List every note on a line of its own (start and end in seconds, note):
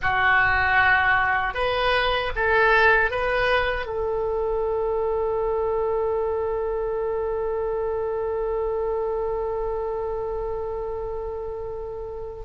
0.01 1.54 F#4
1.54 2.32 B4
2.36 3.10 A4
3.10 3.86 B4
3.86 12.43 A4